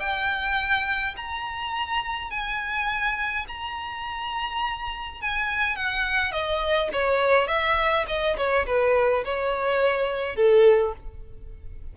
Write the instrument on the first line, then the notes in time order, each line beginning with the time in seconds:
violin
0.00 G5
1.17 A#5
2.31 G#5
3.48 A#5
5.22 G#5
5.76 F#5
6.32 D#5
6.93 C#5
7.48 E5
8.08 D#5
8.38 C#5
8.67 B4
9.25 C#5
10.36 A4